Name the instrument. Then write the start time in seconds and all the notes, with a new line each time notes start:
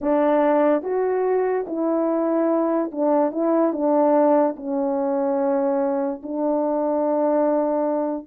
horn
0.01 D4
0.82 F#4
1.67 E4
2.91 D4
3.31 E4
3.72 D4
4.56 C#4
6.22 D4